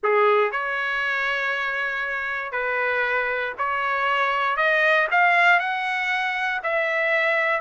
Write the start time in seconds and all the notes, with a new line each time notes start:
0.03 G#4
0.51 C#5
2.52 B4
3.57 C#5
4.56 D#5
5.11 F5
5.59 F#5
6.63 E5